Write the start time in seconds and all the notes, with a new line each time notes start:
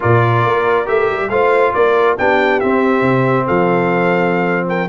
0.00 A#2 F4 A#4 D5
0.45 A#3
0.85 A3 G4 E5
1.09 G3
1.29 A3 F4 C5 F5
1.73 A#3 A#4 D5
2.18 B3 D4 G4 G5
2.60 C4 E5
3.01 C3
3.46 F3 A4 F5
4.68 A#4 G5